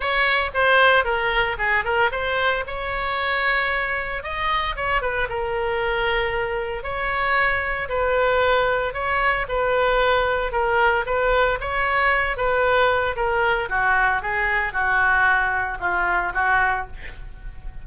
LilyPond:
\new Staff \with { instrumentName = "oboe" } { \time 4/4 \tempo 4 = 114 cis''4 c''4 ais'4 gis'8 ais'8 | c''4 cis''2. | dis''4 cis''8 b'8 ais'2~ | ais'4 cis''2 b'4~ |
b'4 cis''4 b'2 | ais'4 b'4 cis''4. b'8~ | b'4 ais'4 fis'4 gis'4 | fis'2 f'4 fis'4 | }